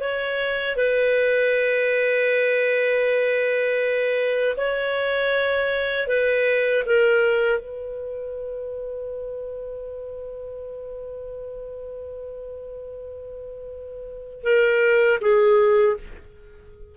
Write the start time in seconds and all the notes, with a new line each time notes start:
0.00 C#5
0.76 B4
4.57 C#5
6.07 B4
6.86 A#4
7.59 B4
14.43 A#4
15.21 G#4